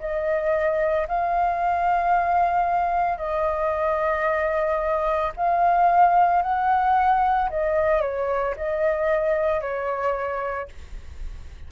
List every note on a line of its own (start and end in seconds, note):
0.00 1.07 D#5
1.09 3.18 F5
3.18 5.32 D#5
5.37 6.43 F5
6.43 7.50 F#5
7.50 8.02 D#5
8.02 8.55 C#5
8.57 9.61 D#5
9.61 10.69 C#5